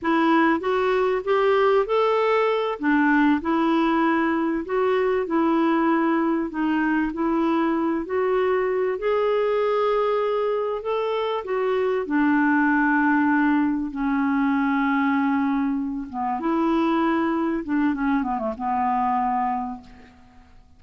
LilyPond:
\new Staff \with { instrumentName = "clarinet" } { \time 4/4 \tempo 4 = 97 e'4 fis'4 g'4 a'4~ | a'8 d'4 e'2 fis'8~ | fis'8 e'2 dis'4 e'8~ | e'4 fis'4. gis'4.~ |
gis'4. a'4 fis'4 d'8~ | d'2~ d'8 cis'4.~ | cis'2 b8 e'4.~ | e'8 d'8 cis'8 b16 a16 b2 | }